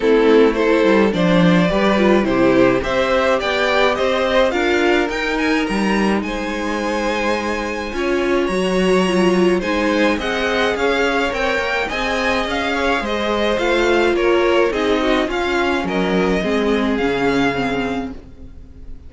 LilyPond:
<<
  \new Staff \with { instrumentName = "violin" } { \time 4/4 \tempo 4 = 106 a'4 c''4 d''2 | c''4 e''4 g''4 dis''4 | f''4 g''8 gis''8 ais''4 gis''4~ | gis''2. ais''4~ |
ais''4 gis''4 fis''4 f''4 | g''4 gis''4 f''4 dis''4 | f''4 cis''4 dis''4 f''4 | dis''2 f''2 | }
  \new Staff \with { instrumentName = "violin" } { \time 4/4 e'4 a'4 c''4 b'4 | g'4 c''4 d''4 c''4 | ais'2. c''4~ | c''2 cis''2~ |
cis''4 c''4 dis''4 cis''4~ | cis''4 dis''4. cis''8 c''4~ | c''4 ais'4 gis'8 fis'8 f'4 | ais'4 gis'2. | }
  \new Staff \with { instrumentName = "viola" } { \time 4/4 c'4 e'4 d'4 g'8 f'8 | e'4 g'2. | f'4 dis'2.~ | dis'2 f'4 fis'4 |
f'4 dis'4 gis'2 | ais'4 gis'2. | f'2 dis'4 cis'4~ | cis'4 c'4 cis'4 c'4 | }
  \new Staff \with { instrumentName = "cello" } { \time 4/4 a4. g8 f4 g4 | c4 c'4 b4 c'4 | d'4 dis'4 g4 gis4~ | gis2 cis'4 fis4~ |
fis4 gis4 c'4 cis'4 | c'8 ais8 c'4 cis'4 gis4 | a4 ais4 c'4 cis'4 | fis4 gis4 cis2 | }
>>